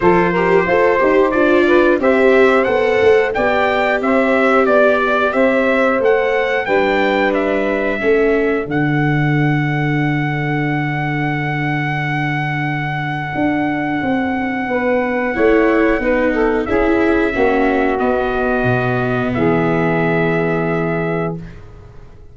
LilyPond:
<<
  \new Staff \with { instrumentName = "trumpet" } { \time 4/4 \tempo 4 = 90 c''2 d''4 e''4 | fis''4 g''4 e''4 d''4 | e''4 fis''4 g''4 e''4~ | e''4 fis''2.~ |
fis''1~ | fis''1~ | fis''4 e''2 dis''4~ | dis''4 e''2. | }
  \new Staff \with { instrumentName = "saxophone" } { \time 4/4 a'8 ais'8 c''4. b'8 c''4~ | c''4 d''4 c''4 d''4 | c''2 b'2 | a'1~ |
a'1~ | a'2 b'4 cis''4 | b'8 a'8 gis'4 fis'2~ | fis'4 gis'2. | }
  \new Staff \with { instrumentName = "viola" } { \time 4/4 f'8 g'8 a'8 g'8 f'4 g'4 | a'4 g'2.~ | g'4 a'4 d'2 | cis'4 d'2.~ |
d'1~ | d'2. e'4 | dis'4 e'4 cis'4 b4~ | b1 | }
  \new Staff \with { instrumentName = "tuba" } { \time 4/4 f4 f'8 dis'8 d'4 c'4 | b8 a8 b4 c'4 b4 | c'4 a4 g2 | a4 d2.~ |
d1 | d'4 c'4 b4 a4 | b4 cis'4 ais4 b4 | b,4 e2. | }
>>